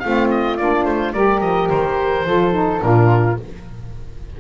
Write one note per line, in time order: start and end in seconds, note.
0.00 0.59 A3
0.00 0.59 C4
0.00 1.15 F4
0.00 0.28 F5
0.31 0.57 D#5
0.57 0.86 A#3
0.57 1.15 D4
0.57 0.85 D5
0.85 1.13 A3
0.85 1.13 C5
1.13 1.41 G3
1.13 2.26 G4
1.13 2.27 A#4
1.13 1.41 D5
1.41 1.70 F3
1.41 1.69 D#5
1.70 2.25 D#3
1.70 2.82 C5
2.25 2.81 F3
2.25 2.52 F4
2.25 2.85 A4
2.52 2.80 D#4
2.80 3.39 A#2
2.80 3.36 D4
2.80 3.41 F4
2.80 3.38 A#4